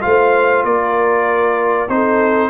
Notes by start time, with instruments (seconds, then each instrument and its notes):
0.00 tuba A3, trombone F4, horn C5, trumpet F5
0.64 tuba A#3, horn A#4, trumpet D5
1.88 tuba C4, trombone D#4, horn A4, trumpet C5